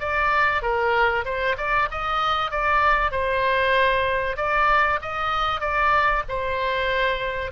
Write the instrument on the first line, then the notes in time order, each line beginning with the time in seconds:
oboe
0.00 D5
0.62 A#4
1.25 C5
1.57 D5
1.91 D#5
2.51 D5
3.11 C5
4.37 D5
5.02 D#5
5.61 D5
6.28 C5